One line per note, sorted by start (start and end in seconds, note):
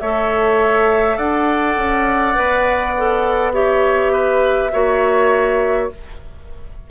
0.00 1.18 A3
0.00 2.35 A4
0.00 1.17 C#5
0.00 1.18 E5
1.17 1.76 D4
1.17 3.53 D5
1.17 3.53 F#5
1.76 2.35 C#4
2.35 4.73 B3
2.35 2.93 B4
2.98 3.53 A4
3.53 4.71 G4
3.53 4.12 C#5
3.53 5.89 E5
4.12 4.71 B4
4.72 5.90 A#3
4.72 5.90 F#4
4.72 5.90 C#5